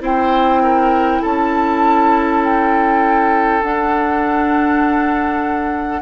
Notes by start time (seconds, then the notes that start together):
0.00 C4 E4 C5 G5
0.62 A#4
1.21 C#4 A4 A5
2.44 G5
3.61 D4 F#5